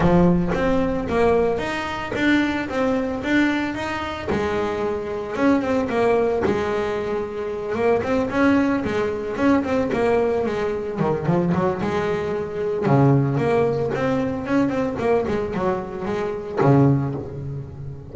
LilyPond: \new Staff \with { instrumentName = "double bass" } { \time 4/4 \tempo 4 = 112 f4 c'4 ais4 dis'4 | d'4 c'4 d'4 dis'4 | gis2 cis'8 c'8 ais4 | gis2~ gis8 ais8 c'8 cis'8~ |
cis'8 gis4 cis'8 c'8 ais4 gis8~ | gis8 dis8 f8 fis8 gis2 | cis4 ais4 c'4 cis'8 c'8 | ais8 gis8 fis4 gis4 cis4 | }